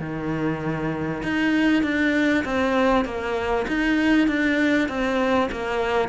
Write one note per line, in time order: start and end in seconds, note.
0.00 1.22 D#3
1.23 1.83 D#4
1.83 2.44 D4
2.45 3.05 C4
3.05 3.66 A#3
3.68 4.28 D#4
4.28 4.89 D4
4.89 5.50 C4
5.51 6.09 A#3